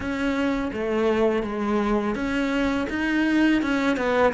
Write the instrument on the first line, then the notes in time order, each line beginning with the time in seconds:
cello
0.00 C#4
0.72 A3
1.42 G#3
2.15 C#4
2.89 D#4
3.61 C#4
3.96 B3